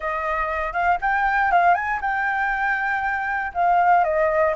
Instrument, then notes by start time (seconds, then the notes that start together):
flute
0.00 D#5
0.72 F5
1.01 G5
1.51 F5
1.74 G#5
2.01 G5
3.53 F5
4.03 D#5